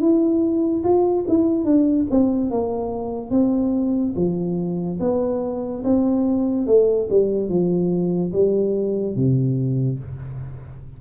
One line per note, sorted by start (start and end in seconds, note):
0.00 0.83 E4
0.84 1.25 F4
1.28 1.64 E4
1.64 2.06 D4
2.11 2.50 C4
2.50 3.31 A#3
3.31 4.14 C4
4.16 4.99 F3
5.00 5.83 B3
5.84 6.67 C4
6.67 7.08 A3
7.10 7.49 G3
7.49 8.32 F3
8.33 9.16 G3
9.16 9.99 C3